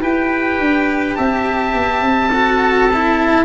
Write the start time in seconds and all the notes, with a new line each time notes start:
0.00 E4 G4 B4 G5
0.59 D4
1.15 C4 E5 A5
1.74 B3
2.01 C4
2.29 F#4 A4
2.94 E4